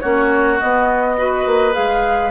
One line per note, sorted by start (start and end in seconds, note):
0.00 0.61 A#3
0.00 0.59 C#4
0.00 1.16 F#4
0.00 0.58 C#5
0.59 1.18 B3
0.59 1.46 B3
0.59 1.74 D#5
1.18 1.72 F#4
1.18 2.31 B4
1.46 1.74 A#3
1.72 2.31 G#3
1.72 2.29 G#4
1.72 2.31 F5